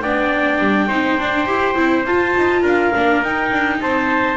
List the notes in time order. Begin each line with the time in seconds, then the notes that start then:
0.00 B3 D4 D5 G5
0.59 G3
0.87 C4 D#4 C5
1.18 D4
1.46 E4 G4
1.75 C4 E4
2.05 F4 A5
2.36 D#4
2.62 D4 A#4 F5
2.94 A#3 D4
3.21 D#4 G5
3.51 D4
3.80 C4 C5 A5